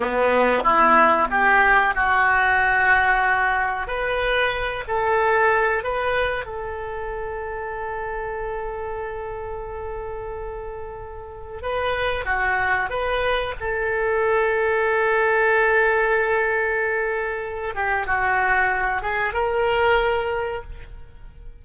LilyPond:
\new Staff \with { instrumentName = "oboe" } { \time 4/4 \tempo 4 = 93 b4 e'4 g'4 fis'4~ | fis'2 b'4. a'8~ | a'4 b'4 a'2~ | a'1~ |
a'2 b'4 fis'4 | b'4 a'2.~ | a'2.~ a'8 g'8 | fis'4. gis'8 ais'2 | }